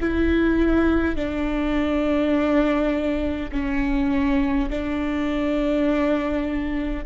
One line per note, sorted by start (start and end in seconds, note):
0.00 1.16 E4
1.16 3.51 D4
3.51 4.69 C#4
4.70 7.05 D4